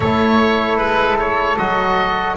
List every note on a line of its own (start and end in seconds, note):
0.00 0.78 A3
0.00 1.58 E4
0.00 2.34 A4
0.00 0.78 C#5
0.78 1.57 G#3
0.78 1.17 B4
1.19 1.57 C#5
1.57 2.37 F#3
1.57 2.37 F#4
1.57 2.36 D#5